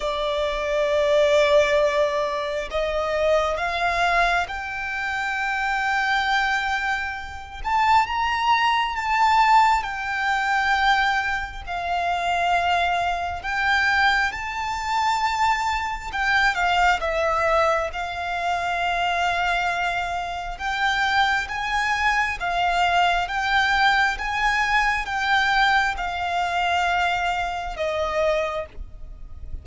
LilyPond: \new Staff \with { instrumentName = "violin" } { \time 4/4 \tempo 4 = 67 d''2. dis''4 | f''4 g''2.~ | g''8 a''8 ais''4 a''4 g''4~ | g''4 f''2 g''4 |
a''2 g''8 f''8 e''4 | f''2. g''4 | gis''4 f''4 g''4 gis''4 | g''4 f''2 dis''4 | }